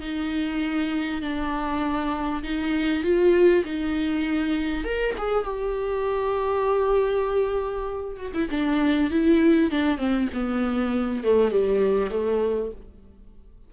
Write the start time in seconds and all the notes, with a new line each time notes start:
0.00 D#4
1.21 D4
2.43 D#4
3.03 F4
3.64 D#4
4.84 A#4
5.18 G#4
5.44 G4
8.17 F#4
8.34 E4
8.50 D4
9.11 E4
9.71 D4
9.98 C4
10.33 B3
11.24 A3
11.51 G3
12.10 A3